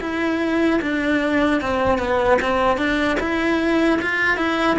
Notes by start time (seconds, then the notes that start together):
0.00 E4
0.81 D4
1.61 C4
1.98 B3
2.41 C4
2.77 D4
3.20 E4
4.01 F4
4.37 E4